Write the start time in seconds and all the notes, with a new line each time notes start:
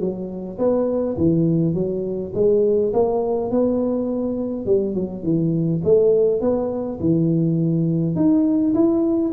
0.00 F#3
0.59 B3
1.17 E3
1.74 F#3
2.35 G#3
2.93 A#3
3.51 B3
4.66 G3
4.95 F#3
5.23 E3
5.84 A3
6.41 B3
7.00 E3
8.16 D#4
8.74 E4